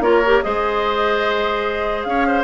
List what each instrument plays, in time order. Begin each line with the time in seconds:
0.00 bassoon A#3, clarinet F4, oboe A#4, flute C#5
0.25 clarinet G4
0.42 bassoon G#3, clarinet G#4, oboe C5, flute D#5
2.03 bassoon C#4, oboe C#5, flute F5
2.27 oboe C5